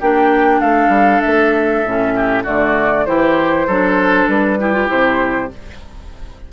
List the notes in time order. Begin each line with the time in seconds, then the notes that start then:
0.00 A#3 D4 G4 G5
0.61 A3 A4 F5
0.89 G3
1.21 A3 E5
1.85 A2 C#4
2.16 G4
2.43 D3 A3 F#4 D5
3.06 E3 E4 G4 C5
3.67 F#3 D4 A4
4.28 G3 B4
4.60 E4 G4
4.73 F4
4.87 C3 E4 C5